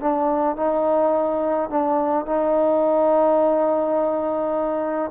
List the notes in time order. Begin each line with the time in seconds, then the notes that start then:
0.00 D4
0.56 D#4
1.70 D4
2.26 D#4